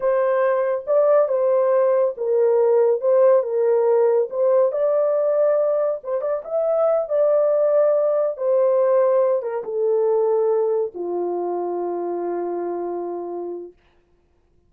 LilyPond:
\new Staff \with { instrumentName = "horn" } { \time 4/4 \tempo 4 = 140 c''2 d''4 c''4~ | c''4 ais'2 c''4 | ais'2 c''4 d''4~ | d''2 c''8 d''8 e''4~ |
e''8 d''2. c''8~ | c''2 ais'8 a'4.~ | a'4. f'2~ f'8~ | f'1 | }